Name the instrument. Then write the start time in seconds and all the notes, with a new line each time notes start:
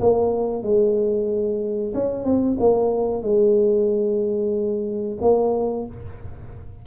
tuba
0.00 A#3
0.63 G#3
1.94 C#4
2.25 C4
2.60 A#3
3.23 G#3
5.21 A#3